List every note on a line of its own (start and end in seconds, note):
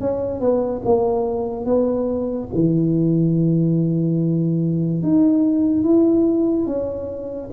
0.00 0.40 C#4
0.40 0.82 B3
0.85 1.65 A#3
1.65 2.48 B3
2.54 5.03 E3
5.03 5.84 D#4
5.84 6.67 E4
6.67 7.50 C#4